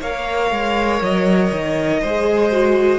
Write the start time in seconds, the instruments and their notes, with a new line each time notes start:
0.00 cello A#3, viola A#4, violin C#5 F5
0.51 cello G#3
1.01 cello F#3, violin D#5
1.51 cello D#3
2.01 cello G#3, viola G#4, violin C5
2.51 viola F#4